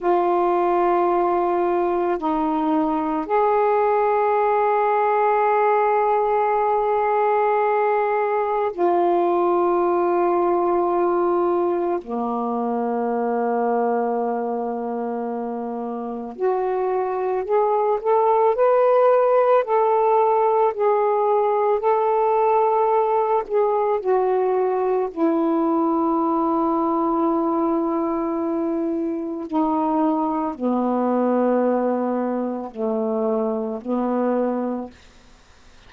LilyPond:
\new Staff \with { instrumentName = "saxophone" } { \time 4/4 \tempo 4 = 55 f'2 dis'4 gis'4~ | gis'1 | f'2. ais4~ | ais2. fis'4 |
gis'8 a'8 b'4 a'4 gis'4 | a'4. gis'8 fis'4 e'4~ | e'2. dis'4 | b2 a4 b4 | }